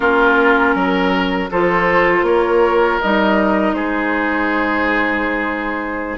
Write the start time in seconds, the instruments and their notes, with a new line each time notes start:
0.00 bassoon A#3, clarinet C#4, oboe F4, flute A#4
0.75 bassoon F#3, oboe A#4
1.50 bassoon F3, clarinet F4, oboe A4, flute C5
2.22 bassoon A#3, oboe A#4, flute C#5
3.00 bassoon G3, clarinet D#4, flute D#5
3.73 bassoon G#3, oboe G#4, flute C5